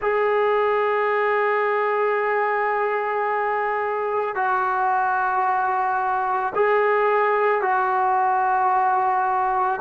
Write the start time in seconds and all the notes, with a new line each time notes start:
0.01 G#4
4.35 F#4
6.55 G#4
7.61 F#4